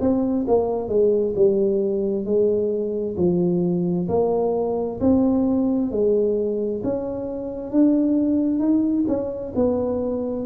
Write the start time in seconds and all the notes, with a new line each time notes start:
0.00 C4
0.48 A#3
0.88 G#3
1.36 G3
2.25 G#3
3.17 F3
4.08 A#3
5.00 C4
5.91 G#3
6.83 C#4
7.71 D4
8.59 D#4
9.07 C#4
9.55 B3